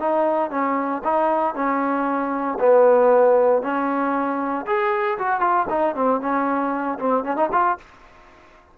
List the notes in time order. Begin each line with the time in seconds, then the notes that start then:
0.00 D#4
0.51 C#4
1.04 D#4
1.55 C#4
2.60 B3
3.63 C#4
4.67 G#4
5.19 F#4
5.41 F4
5.70 D#4
5.96 C4
6.21 C#4
6.99 C4
7.24 C#4
7.37 D#4
7.52 F4